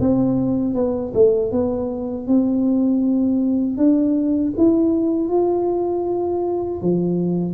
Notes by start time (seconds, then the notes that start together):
0.00 C4
0.74 B3
1.14 A3
1.52 B3
2.27 C4
3.77 D4
4.57 E4
5.29 F4
6.81 F3